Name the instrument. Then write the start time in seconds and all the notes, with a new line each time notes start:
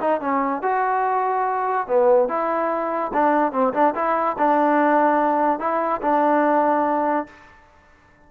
trombone
0.00 D#4
0.20 C#4
0.62 F#4
1.87 B3
2.28 E4
3.13 D4
3.52 C4
3.73 D4
3.95 E4
4.38 D4
5.59 E4
6.01 D4